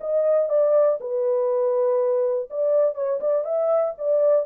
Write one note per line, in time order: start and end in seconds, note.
0.00 0.49 D#5
0.49 0.98 D5
1.00 2.49 B4
2.50 2.94 D5
2.94 3.19 C#5
3.20 3.44 D5
3.44 3.94 E5
3.98 4.46 D5